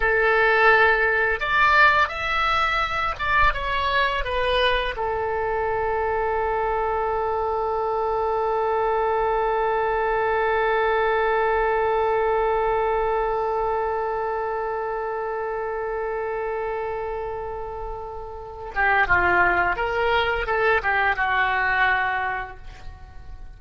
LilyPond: \new Staff \with { instrumentName = "oboe" } { \time 4/4 \tempo 4 = 85 a'2 d''4 e''4~ | e''8 d''8 cis''4 b'4 a'4~ | a'1~ | a'1~ |
a'1~ | a'1~ | a'2~ a'8 g'8 f'4 | ais'4 a'8 g'8 fis'2 | }